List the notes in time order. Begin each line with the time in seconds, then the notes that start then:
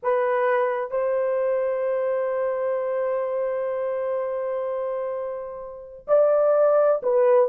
0.02 B4
0.90 C5
6.07 D5
7.02 B4